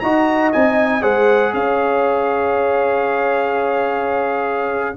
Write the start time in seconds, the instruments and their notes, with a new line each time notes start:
0.00 tuba D#4, trombone F#4, horn D#5, trumpet A#5
0.52 tuba C4, trombone D#4, trumpet G#5
1.01 tuba G#3, trombone G#4, horn C5, trumpet F#5
1.53 tuba C#4, horn C#5, trumpet F5